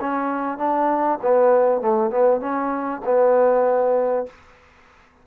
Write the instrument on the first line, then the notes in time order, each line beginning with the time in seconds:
trombone
0.00 C#4
0.58 D4
1.21 B3
1.81 A3
2.10 B3
2.40 C#4
3.05 B3